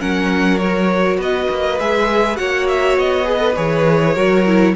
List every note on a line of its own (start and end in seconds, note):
0.00 1.18 F#3
0.00 0.59 C#4
0.00 1.20 A#4
0.00 0.58 F#5
0.58 1.79 F#4
0.58 1.18 C#5
1.18 1.47 B3
1.18 2.39 B4
1.18 1.80 D#5
1.51 1.80 A#3
1.80 2.40 G#3
1.80 2.37 G#4
1.80 2.37 E5
2.37 2.98 A#3
2.37 3.25 F#4
2.37 3.28 C#5
2.37 2.67 F#5
2.69 2.98 E5
2.98 3.57 B3
2.98 3.56 D#5
3.25 3.39 G#4
3.25 4.15 B4
3.39 3.54 A4
3.56 4.17 E3
3.56 4.16 G#4
3.56 4.75 C#5
4.15 4.76 F#3
4.15 4.46 F#4
4.15 4.74 A#4
4.47 4.76 E4